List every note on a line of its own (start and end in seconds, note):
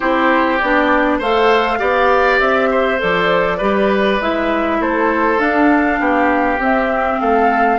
0.00 0.61 C4
0.00 0.59 E4
0.00 1.18 G4
0.00 0.58 C5
0.58 1.20 B3
0.58 1.22 D4
0.58 1.18 D5
1.18 1.80 A3
1.18 1.79 A4
1.18 1.78 C5
1.18 2.39 F5
1.79 2.40 B3
1.79 2.98 G4
1.79 2.69 D5
2.39 3.00 C4
2.39 2.99 E5
2.70 3.57 C5
2.98 3.60 F3
2.98 3.58 A4
2.98 4.21 D5
3.57 4.20 G3
3.57 4.20 G4
3.57 4.77 B4
4.20 4.79 G#3
4.20 5.38 E4
4.20 4.81 E5
4.79 5.39 A3
4.79 6.00 A4
4.79 5.39 C5
5.38 6.58 D4
5.38 5.99 D4
5.38 6.59 F5
5.99 6.58 B3
5.99 7.20 G4
6.58 7.19 C4
6.58 7.78 C4
6.58 7.20 E5
7.20 7.78 A3
7.20 7.78 A4
7.20 7.78 F5